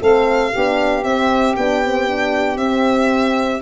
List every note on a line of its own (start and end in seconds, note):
0.00 0.54 A3
0.00 0.53 C4
0.00 0.52 A4
0.00 1.04 F5
0.52 1.04 B3
0.52 1.05 D4
0.52 3.62 G4
1.04 1.56 C4
1.04 1.55 E5
1.56 2.57 B3
1.56 1.84 D4
1.56 2.57 G5
1.84 2.07 C4
2.07 2.59 D4
2.57 3.60 C4
2.57 3.62 C4
2.57 3.61 E5